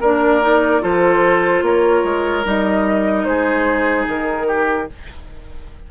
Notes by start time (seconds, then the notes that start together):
0.00 A#3 D4 A#4 D5
0.41 D#4
0.81 F3 F4 A4 C5
1.62 A#3 A#4 C#5
2.04 G#3
2.44 G3 D#4 D#5
3.24 G#3 G#4 C5
4.07 D#3 A#4
4.47 G4